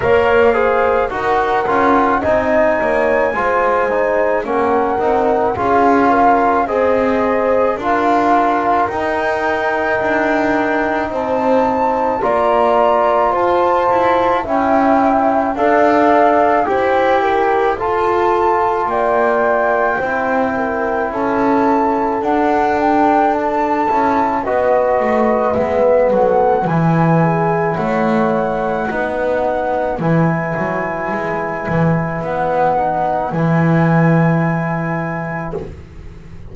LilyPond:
<<
  \new Staff \with { instrumentName = "flute" } { \time 4/4 \tempo 4 = 54 f''4 fis''4 gis''2 | fis''4 f''4 dis''4 f''4 | g''2 a''4 ais''4 | a''4 g''4 f''4 g''4 |
a''4 g''2 a''4 | fis''8 g''8 a''4 dis''4 e''8 fis''8 | gis''4 fis''2 gis''4~ | gis''4 fis''4 gis''2 | }
  \new Staff \with { instrumentName = "horn" } { \time 4/4 cis''8 c''8 ais'4 dis''8 cis''8 c''4 | ais'4 gis'8 ais'8 c''4 ais'4~ | ais'2 c''4 d''4 | c''4 e''4 d''4 c''8 ais'8 |
a'4 d''4 c''8 ais'8 a'4~ | a'2 b'4. a'8 | b'8 gis'8 cis''4 b'2~ | b'1 | }
  \new Staff \with { instrumentName = "trombone" } { \time 4/4 ais'8 gis'8 fis'8 f'8 dis'4 f'8 dis'8 | cis'8 dis'8 f'4 gis'4 f'4 | dis'2. f'4~ | f'4 e'4 a'4 g'4 |
f'2 e'2 | d'4. e'8 fis'4 b4 | e'2 dis'4 e'4~ | e'4. dis'8 e'2 | }
  \new Staff \with { instrumentName = "double bass" } { \time 4/4 ais4 dis'8 cis'8 c'8 ais8 gis4 | ais8 c'8 cis'4 c'4 d'4 | dis'4 d'4 c'4 ais4 | f'8 e'8 cis'4 d'4 e'4 |
f'4 ais4 c'4 cis'4 | d'4. cis'8 b8 a8 gis8 fis8 | e4 a4 b4 e8 fis8 | gis8 e8 b4 e2 | }
>>